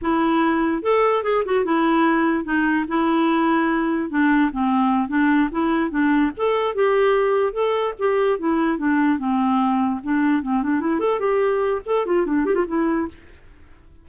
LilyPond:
\new Staff \with { instrumentName = "clarinet" } { \time 4/4 \tempo 4 = 147 e'2 a'4 gis'8 fis'8 | e'2 dis'4 e'4~ | e'2 d'4 c'4~ | c'8 d'4 e'4 d'4 a'8~ |
a'8 g'2 a'4 g'8~ | g'8 e'4 d'4 c'4.~ | c'8 d'4 c'8 d'8 e'8 a'8 g'8~ | g'4 a'8 f'8 d'8 g'16 f'16 e'4 | }